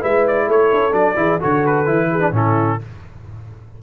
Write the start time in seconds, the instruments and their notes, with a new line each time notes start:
0.00 tuba G#3, trombone E4, horn B4, trumpet E5
0.27 trumpet D5
0.47 tuba A3, horn A4, trumpet C#5
0.72 tuba C#4
0.91 tuba F#3, trombone D4, trumpet D5
1.16 tuba E3, trombone E4, horn G#4
1.40 tuba D3, trombone F#4, horn A4, trumpet C#5
1.66 trumpet B4
1.85 tuba E3, trombone E4
2.11 horn G#4
2.20 trombone D4
2.31 tuba A2, trombone C#4, horn E4, trumpet A4